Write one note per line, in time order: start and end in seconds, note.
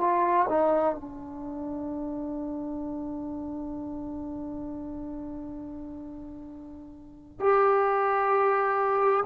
0.00 0.46 F4
0.49 0.95 D#4
0.95 7.39 D4
7.39 9.24 G4